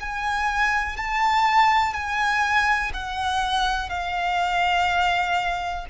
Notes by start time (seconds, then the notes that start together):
0.00 G#5
0.97 A5
1.93 G#5
2.93 F#5
3.89 F5